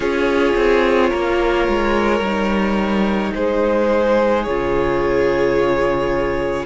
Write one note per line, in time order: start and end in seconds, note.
0.00 0.53 C#4
0.00 2.21 F4
0.00 1.10 G#4
0.00 3.33 C#5
0.56 1.11 C4
1.10 1.68 A#3
1.10 3.32 A#4
1.68 2.20 G#3
2.20 3.31 G3
2.20 4.47 D#4
3.34 4.46 G#3
3.34 6.65 G#4
3.34 4.43 C5
4.43 6.65 C#3
4.43 6.65 F4
4.43 6.65 C#5